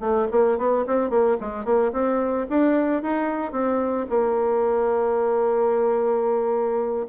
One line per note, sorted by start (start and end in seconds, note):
0.00 0.27 A3
0.31 0.58 A#3
0.58 0.85 B3
0.87 1.10 C4
1.10 1.37 A#3
1.41 1.65 G#3
1.65 1.92 A#3
1.92 2.46 C4
2.49 3.02 D4
3.02 3.52 D#4
3.52 4.06 C4
4.10 7.07 A#3